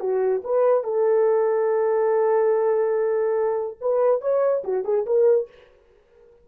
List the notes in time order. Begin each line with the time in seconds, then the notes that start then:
0.00 F#4
0.44 B4
0.84 A4
3.80 B4
4.21 C#5
4.64 F#4
4.84 G#4
5.06 A#4